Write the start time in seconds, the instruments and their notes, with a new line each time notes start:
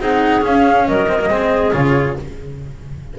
0.00 double bass C4, cello D#4, clarinet G#4, flute F#5
0.41 cello C#4, double bass C#4, flute F5
0.87 double bass F#3, clarinet A#4, flute D#5
1.09 cello C4
1.20 cello A#3
1.29 double bass G#3, cello C4, clarinet G#4
1.72 double bass C#3, cello F4, flute C#5